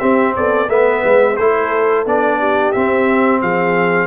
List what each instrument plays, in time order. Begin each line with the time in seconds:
0.00 trombone C4, tuba C4, horn G4, trumpet E5
0.37 tuba B3, horn A4, trumpet D5
0.69 tuba A3, trombone B3, horn B4, trumpet E5
1.05 tuba G#3
1.37 tuba A3, trombone E4, horn A4, trumpet C5
2.06 tuba B3, trombone D4, trumpet D5
2.39 horn G4
2.73 trombone C4, tuba C4, trumpet E5
3.42 tuba F3, horn G#4, trumpet F5